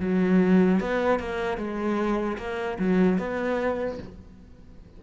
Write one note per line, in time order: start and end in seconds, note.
0.00 0.80 F#3
0.80 1.19 B3
1.19 1.57 A#3
1.57 2.37 G#3
2.38 2.78 A#3
2.79 3.18 F#3
3.18 3.98 B3